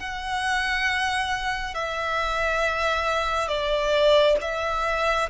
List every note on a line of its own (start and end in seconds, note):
0.00 1.75 F#5
1.75 3.49 E5
3.49 4.37 D5
4.42 5.30 E5